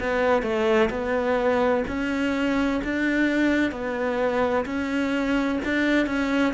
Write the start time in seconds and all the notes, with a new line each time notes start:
0.00 B3
0.42 A3
0.89 B3
1.87 C#4
2.84 D4
3.71 B3
4.65 C#4
5.65 D4
6.06 C#4